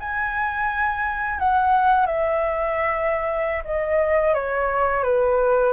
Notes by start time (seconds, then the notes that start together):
0.00 G#5
1.40 F#5
2.06 E5
3.65 D#5
4.35 C#5
5.04 B4